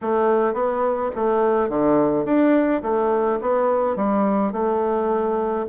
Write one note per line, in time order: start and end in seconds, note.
0.01 0.53 A3
0.53 1.10 B3
1.15 1.69 A3
1.69 2.25 D3
2.25 2.81 D4
2.82 3.39 A3
3.41 3.96 B3
3.96 4.52 G3
4.52 5.65 A3